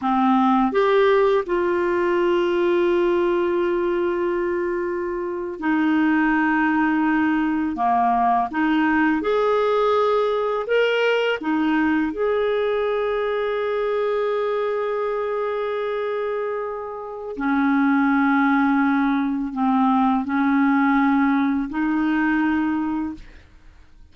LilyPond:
\new Staff \with { instrumentName = "clarinet" } { \time 4/4 \tempo 4 = 83 c'4 g'4 f'2~ | f'2.~ f'8. dis'16~ | dis'2~ dis'8. ais4 dis'16~ | dis'8. gis'2 ais'4 dis'16~ |
dis'8. gis'2.~ gis'16~ | gis'1 | cis'2. c'4 | cis'2 dis'2 | }